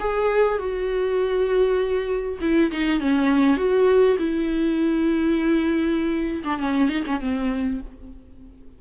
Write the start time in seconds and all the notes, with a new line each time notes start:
0.00 G#4
0.59 F#4
2.41 E4
2.71 D#4
3.01 C#4
3.57 F#4
4.18 E4
6.44 D4
6.59 C#4
6.89 D#4
7.06 C#4
7.21 C4